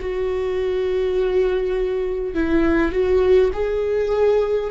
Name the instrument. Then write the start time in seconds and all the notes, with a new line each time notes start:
viola
0.00 F#4
2.35 E4
2.92 F#4
3.53 G#4